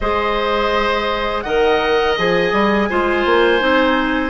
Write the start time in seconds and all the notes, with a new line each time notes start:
0.00 G#3 G#4 C5 D#5
1.41 D#3 A#4 D#5 F#5
2.17 F3 G#4 G#5
2.52 G3
2.89 G#3 F4 C5
3.25 A#3
3.59 C4 D#4